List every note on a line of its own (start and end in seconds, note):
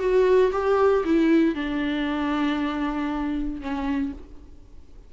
0.00 0.52 F#4
0.52 1.04 G4
1.05 1.55 E4
1.55 3.61 D4
3.61 4.13 C#4